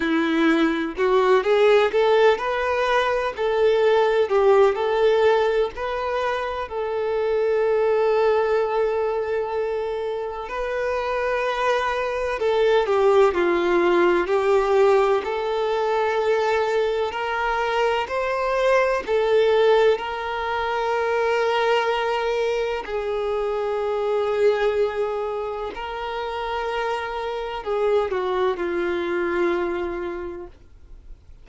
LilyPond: \new Staff \with { instrumentName = "violin" } { \time 4/4 \tempo 4 = 63 e'4 fis'8 gis'8 a'8 b'4 a'8~ | a'8 g'8 a'4 b'4 a'4~ | a'2. b'4~ | b'4 a'8 g'8 f'4 g'4 |
a'2 ais'4 c''4 | a'4 ais'2. | gis'2. ais'4~ | ais'4 gis'8 fis'8 f'2 | }